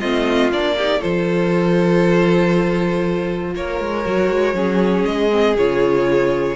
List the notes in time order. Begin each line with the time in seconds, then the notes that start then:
0.00 A3 C4 F4 D#5
0.52 A#3 D4 D5
0.78 D#4 G4
1.00 F3 F4 A4 C5
3.55 A#3 A#4 C#5
3.81 G#3
4.05 F#3 F#4
4.30 G#3
4.54 F#3 C#4 G#4
5.06 G#3 D#5
5.30 C4
5.57 C#3 F4 C#5